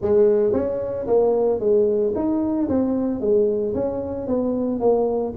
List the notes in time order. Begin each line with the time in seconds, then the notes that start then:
0.01 G#3
0.52 C#4
1.07 A#3
1.59 G#3
2.15 D#4
2.69 C4
3.20 G#3
3.74 C#4
4.27 B3
4.80 A#3